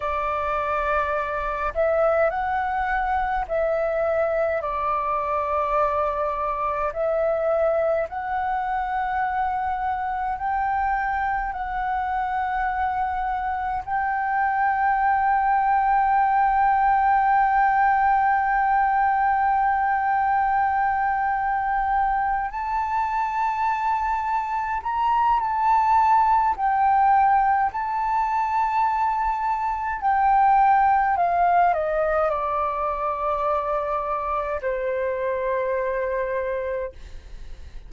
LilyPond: \new Staff \with { instrumentName = "flute" } { \time 4/4 \tempo 4 = 52 d''4. e''8 fis''4 e''4 | d''2 e''4 fis''4~ | fis''4 g''4 fis''2 | g''1~ |
g''2.~ g''8 a''8~ | a''4. ais''8 a''4 g''4 | a''2 g''4 f''8 dis''8 | d''2 c''2 | }